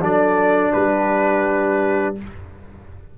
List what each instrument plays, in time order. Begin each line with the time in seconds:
0.00 tuba F#3, trombone D4, horn A4, trumpet D5
0.72 tuba G3, horn G4, trumpet B4